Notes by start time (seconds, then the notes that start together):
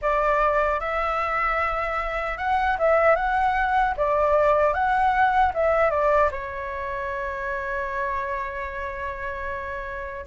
0.01 D5
0.80 E5
2.37 F#5
2.78 E5
3.15 F#5
3.97 D5
4.73 F#5
5.54 E5
5.90 D5
6.31 C#5